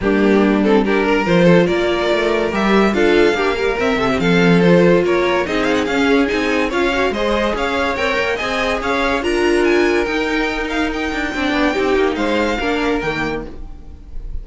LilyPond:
<<
  \new Staff \with { instrumentName = "violin" } { \time 4/4 \tempo 4 = 143 g'4. a'8 ais'4 c''4 | d''2 e''4 f''4~ | f''4 e''4 f''4 c''4 | cis''4 dis''8 f''16 fis''16 f''4 gis''4 |
f''4 dis''4 f''4 g''4 | gis''4 f''4 ais''4 gis''4 | g''4. f''8 g''2~ | g''4 f''2 g''4 | }
  \new Staff \with { instrumentName = "violin" } { \time 4/4 d'2 g'8 ais'4 a'8 | ais'2. a'4 | g'8 ais'4 a'16 g'16 a'2 | ais'4 gis'2. |
cis''4 c''4 cis''2 | dis''4 cis''4 ais'2~ | ais'2. d''4 | g'4 c''4 ais'2 | }
  \new Staff \with { instrumentName = "viola" } { \time 4/4 ais4. c'8 d'4 f'4~ | f'2 g'4 f'4 | d'8 g8 c'2 f'4~ | f'4 dis'4 cis'4 dis'4 |
f'8 fis'8 gis'2 ais'4 | gis'2 f'2 | dis'2. d'4 | dis'2 d'4 ais4 | }
  \new Staff \with { instrumentName = "cello" } { \time 4/4 g2. f4 | ais4 a4 g4 d'4 | ais4 c'8 c8 f2 | ais4 c'4 cis'4 c'4 |
cis'4 gis4 cis'4 c'8 ais8 | c'4 cis'4 d'2 | dis'2~ dis'8 d'8 c'8 b8 | c'8 ais8 gis4 ais4 dis4 | }
>>